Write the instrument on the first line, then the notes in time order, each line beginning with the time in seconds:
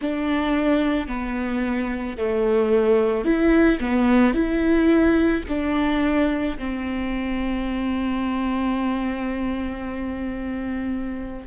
viola
0.01 D4
1.07 B3
2.17 A3
3.24 E4
3.79 B3
4.33 E4
5.48 D4
6.58 C4